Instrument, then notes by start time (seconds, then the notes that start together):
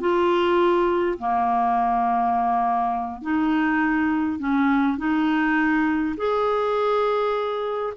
clarinet
0.00 F4
1.18 A#3
3.22 D#4
4.39 C#4
4.98 D#4
6.17 G#4